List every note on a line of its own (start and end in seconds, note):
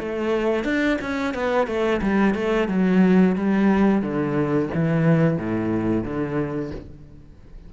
0.00 0.65 A3
0.65 0.98 D4
1.02 1.35 C#4
1.35 1.68 B3
1.68 2.01 A3
2.03 2.35 G3
2.35 2.69 A3
2.69 3.36 F#3
3.36 4.02 G3
4.02 4.69 D3
4.75 5.38 E3
5.38 6.04 A2
6.04 6.71 D3